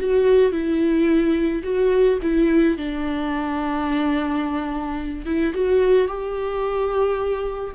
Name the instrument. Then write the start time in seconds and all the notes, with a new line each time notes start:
viola
0.00 F#4
0.52 E4
1.64 F#4
2.23 E4
2.78 D4
5.26 E4
5.54 F#4
6.08 G4